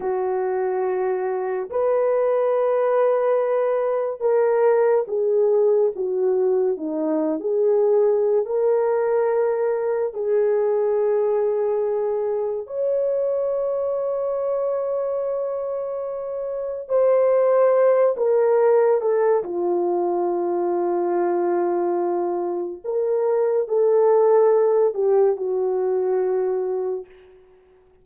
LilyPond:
\new Staff \with { instrumentName = "horn" } { \time 4/4 \tempo 4 = 71 fis'2 b'2~ | b'4 ais'4 gis'4 fis'4 | dis'8. gis'4~ gis'16 ais'2 | gis'2. cis''4~ |
cis''1 | c''4. ais'4 a'8 f'4~ | f'2. ais'4 | a'4. g'8 fis'2 | }